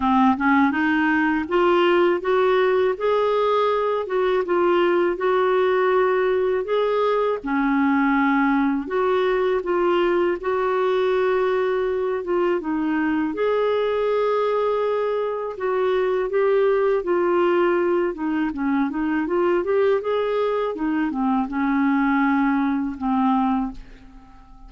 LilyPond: \new Staff \with { instrumentName = "clarinet" } { \time 4/4 \tempo 4 = 81 c'8 cis'8 dis'4 f'4 fis'4 | gis'4. fis'8 f'4 fis'4~ | fis'4 gis'4 cis'2 | fis'4 f'4 fis'2~ |
fis'8 f'8 dis'4 gis'2~ | gis'4 fis'4 g'4 f'4~ | f'8 dis'8 cis'8 dis'8 f'8 g'8 gis'4 | dis'8 c'8 cis'2 c'4 | }